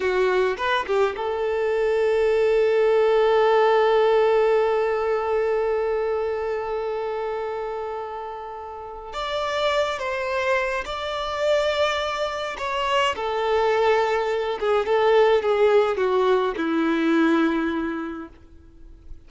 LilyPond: \new Staff \with { instrumentName = "violin" } { \time 4/4 \tempo 4 = 105 fis'4 b'8 g'8 a'2~ | a'1~ | a'1~ | a'1 |
d''4. c''4. d''4~ | d''2 cis''4 a'4~ | a'4. gis'8 a'4 gis'4 | fis'4 e'2. | }